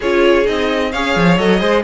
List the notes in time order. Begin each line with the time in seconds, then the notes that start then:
0.00 C#4 F4 G#4 C#5
0.44 C4 D#4 D#5
0.92 C#4 G#4 C#5 F5
1.16 F3
1.37 F#3 A4 D#5
1.59 G#3 G#4 C5